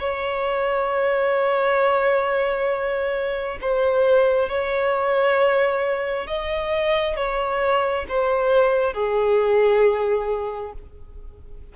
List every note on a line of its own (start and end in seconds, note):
0.00 3.58 C#5
3.61 4.49 C5
4.49 6.27 C#5
6.27 7.16 D#5
7.16 8.06 C#5
8.08 8.93 C5
8.93 10.73 G#4